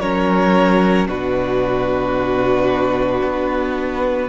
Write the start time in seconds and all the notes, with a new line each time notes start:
0.00 F#3 C#4 A#4 C#5
1.07 B2 D4 F#4 B4
3.23 B3